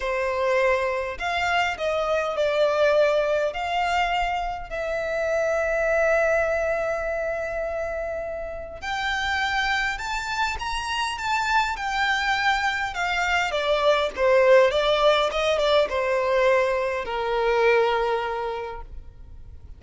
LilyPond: \new Staff \with { instrumentName = "violin" } { \time 4/4 \tempo 4 = 102 c''2 f''4 dis''4 | d''2 f''2 | e''1~ | e''2. g''4~ |
g''4 a''4 ais''4 a''4 | g''2 f''4 d''4 | c''4 d''4 dis''8 d''8 c''4~ | c''4 ais'2. | }